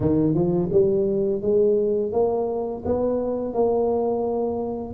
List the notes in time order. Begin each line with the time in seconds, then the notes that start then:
0.00 D#3
0.34 F3
0.72 G3
1.41 G#3
2.12 A#3
2.85 B3
3.53 A#3